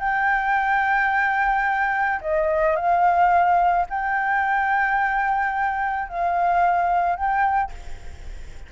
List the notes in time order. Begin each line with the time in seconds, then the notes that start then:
0.00 G5
2.21 D#5
2.76 F5
3.90 G5
6.09 F5
7.16 G5